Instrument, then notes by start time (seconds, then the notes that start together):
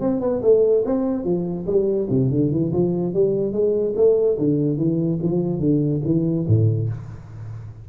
tuba
0.00 C4
0.20 B3
0.42 A3
0.85 C4
1.24 F3
1.66 G3
2.10 C3
2.30 D3
2.51 E3
2.72 F3
3.13 G3
3.52 G#3
3.96 A3
4.38 D3
4.77 E3
5.22 F3
5.59 D3
6.05 E3
6.47 A2